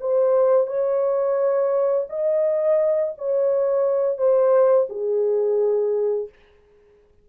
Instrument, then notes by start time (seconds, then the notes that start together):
horn
0.00 C5
0.67 C#5
2.09 D#5
3.18 C#5
4.18 C5
4.90 G#4